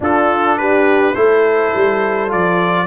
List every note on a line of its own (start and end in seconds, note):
0.00 1.13 D4
0.00 1.15 D4
0.00 0.58 F4
0.00 0.58 A4
0.58 1.13 G4
0.58 1.14 B4
1.13 1.73 A3
1.13 2.28 E4
1.13 2.87 A4
1.13 2.30 C5
1.75 2.33 G3
2.28 2.87 F3
2.28 2.86 F4
2.28 2.87 D5